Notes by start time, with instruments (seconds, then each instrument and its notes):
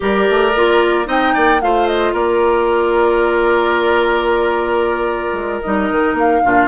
0.00 bassoon G3, clarinet G4, oboe A#4, flute D5
0.29 bassoon A3
0.55 bassoon A#3, clarinet F4
1.05 bassoon C4, clarinet D#4, oboe D#5, flute G5
1.34 bassoon A#3, oboe D5
1.61 bassoon A3, clarinet F4, oboe C5, flute F5
1.87 flute D#5
2.12 bassoon A#3, oboe A#4, flute D5
5.33 bassoon G#3
5.61 bassoon G3, clarinet D#4, flute D#5
5.91 bassoon D#3
6.13 bassoon A#3, flute F5
6.44 bassoon A#2, clarinet D4, oboe F4